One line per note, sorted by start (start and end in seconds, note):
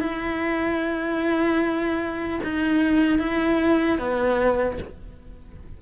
0.00 2.40 E4
2.44 3.19 D#4
3.19 3.99 E4
3.99 4.79 B3